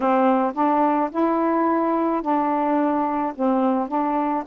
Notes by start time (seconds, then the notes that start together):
0.00 C4
0.54 D4
1.11 E4
2.22 D4
3.35 C4
3.88 D4